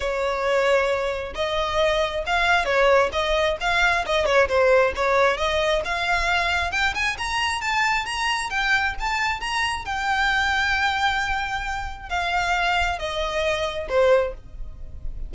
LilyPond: \new Staff \with { instrumentName = "violin" } { \time 4/4 \tempo 4 = 134 cis''2. dis''4~ | dis''4 f''4 cis''4 dis''4 | f''4 dis''8 cis''8 c''4 cis''4 | dis''4 f''2 g''8 gis''8 |
ais''4 a''4 ais''4 g''4 | a''4 ais''4 g''2~ | g''2. f''4~ | f''4 dis''2 c''4 | }